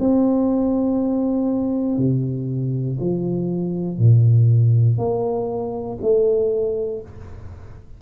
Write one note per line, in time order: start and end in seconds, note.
0.00 1.98 C4
1.98 2.98 C3
3.00 3.98 F3
3.98 4.98 A#2
4.99 5.99 A#3
6.02 7.02 A3